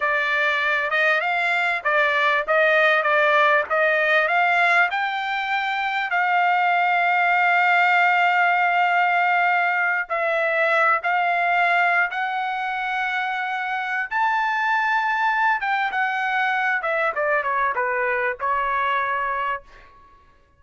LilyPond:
\new Staff \with { instrumentName = "trumpet" } { \time 4/4 \tempo 4 = 98 d''4. dis''8 f''4 d''4 | dis''4 d''4 dis''4 f''4 | g''2 f''2~ | f''1~ |
f''8 e''4. f''4.~ f''16 fis''16~ | fis''2. a''4~ | a''4. g''8 fis''4. e''8 | d''8 cis''8 b'4 cis''2 | }